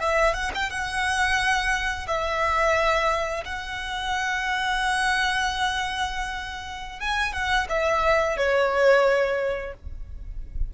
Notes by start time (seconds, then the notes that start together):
0.00 E5
0.34 F#5
0.55 G5
0.70 F#5
2.08 E5
3.45 F#5
6.99 G#5
7.33 F#5
7.69 E5
8.37 C#5